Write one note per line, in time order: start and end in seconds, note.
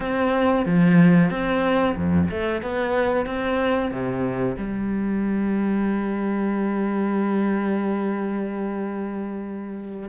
0.00 0.65 C4
0.65 1.30 F3
1.30 1.95 C4
1.96 2.29 F2
2.30 2.61 A3
2.61 3.26 B3
3.26 3.91 C4
3.91 4.56 C3
4.57 10.09 G3